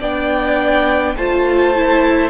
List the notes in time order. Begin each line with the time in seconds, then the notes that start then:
0.00 B3 D4 D5 G5
1.16 A3 F4 C5 A5
1.76 E4